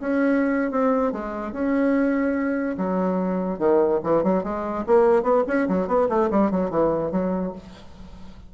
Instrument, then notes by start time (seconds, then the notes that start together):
bassoon
0.00 C#4
0.71 C4
1.12 G#3
1.52 C#4
2.77 F#3
3.58 D#3
4.03 E3
4.23 F#3
4.43 G#3
4.86 A#3
5.22 B3
5.47 C#4
5.68 F#3
5.87 B3
6.09 A3
6.30 G3
6.51 F#3
6.70 E3
7.11 F#3